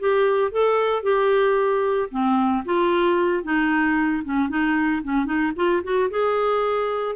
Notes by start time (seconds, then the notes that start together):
0.00 G4
0.52 A4
1.03 G4
2.11 C4
2.65 F4
3.44 D#4
4.25 C#4
4.49 D#4
5.04 C#4
5.26 D#4
5.56 F4
5.84 F#4
6.11 G#4